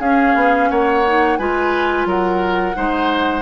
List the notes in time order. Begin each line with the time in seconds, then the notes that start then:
0.00 C#4 G#4 F5
0.36 B3
0.70 A#3 C#5 F#5
1.07 D#4
1.38 G#3 F4 B4 G#5
2.06 F#3 A#4 F#5
2.75 G#3 D#4 C5